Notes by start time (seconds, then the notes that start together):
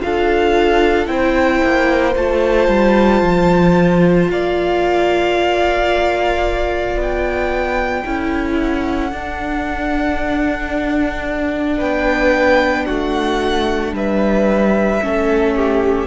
0.00 D4 F4 A4 F5
1.06 C4 E4 C5 G5
1.64 A#3
2.15 A3 F4 A5
2.67 G3
3.21 F3
4.29 A#3 D5 F5
6.95 B3 G5
8.05 C#4 E4 A4
8.58 F#5
9.12 D4
11.77 B3 B4 G5
12.85 A3 F#4 F#5
13.92 G3 B4 E5
15.00 A3 C#4 A4
15.55 G4